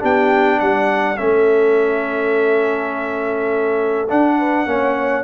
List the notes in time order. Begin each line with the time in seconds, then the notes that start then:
0.00 B3 D4 G4 G5
0.60 G3 D5 F#5
1.17 A3 C#4 A4 E5
4.09 D4 F#5
4.38 B4
4.66 A#3 C#4 C#5